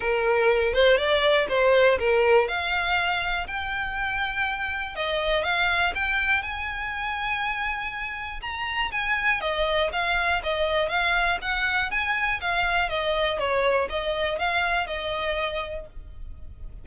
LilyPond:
\new Staff \with { instrumentName = "violin" } { \time 4/4 \tempo 4 = 121 ais'4. c''8 d''4 c''4 | ais'4 f''2 g''4~ | g''2 dis''4 f''4 | g''4 gis''2.~ |
gis''4 ais''4 gis''4 dis''4 | f''4 dis''4 f''4 fis''4 | gis''4 f''4 dis''4 cis''4 | dis''4 f''4 dis''2 | }